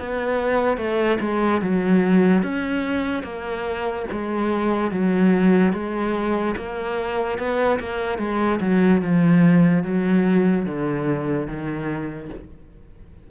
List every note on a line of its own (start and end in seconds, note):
0.00 0.78 B3
0.78 1.19 A3
1.20 1.61 G#3
1.62 2.43 F#3
2.43 3.24 C#4
3.24 4.06 A#3
4.12 4.92 G#3
4.92 5.73 F#3
5.73 6.56 G#3
6.57 7.39 A#3
7.39 7.80 B3
7.80 8.19 A#3
8.19 8.60 G#3
8.61 9.02 F#3
9.02 9.84 F3
9.84 10.66 F#3
10.66 11.48 D3
11.48 12.30 D#3